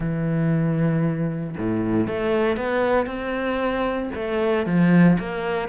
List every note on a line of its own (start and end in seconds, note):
0.00 1.55 E3
1.57 2.07 A2
2.07 2.56 A3
2.56 3.06 B3
3.06 4.10 C4
4.14 4.66 A3
4.66 5.17 F3
5.19 5.68 A#3